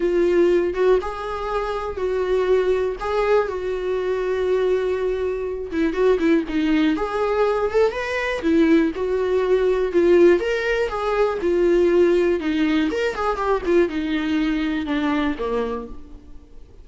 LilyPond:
\new Staff \with { instrumentName = "viola" } { \time 4/4 \tempo 4 = 121 f'4. fis'8 gis'2 | fis'2 gis'4 fis'4~ | fis'2.~ fis'8 e'8 | fis'8 e'8 dis'4 gis'4. a'8 |
b'4 e'4 fis'2 | f'4 ais'4 gis'4 f'4~ | f'4 dis'4 ais'8 gis'8 g'8 f'8 | dis'2 d'4 ais4 | }